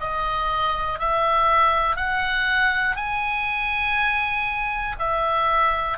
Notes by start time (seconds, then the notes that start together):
0.00 D#5
0.99 E5
1.96 F#5
2.96 G#5
4.99 E5